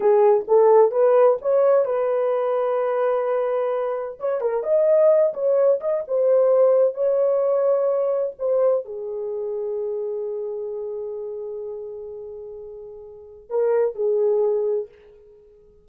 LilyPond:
\new Staff \with { instrumentName = "horn" } { \time 4/4 \tempo 4 = 129 gis'4 a'4 b'4 cis''4 | b'1~ | b'4 cis''8 ais'8 dis''4. cis''8~ | cis''8 dis''8 c''2 cis''4~ |
cis''2 c''4 gis'4~ | gis'1~ | gis'1~ | gis'4 ais'4 gis'2 | }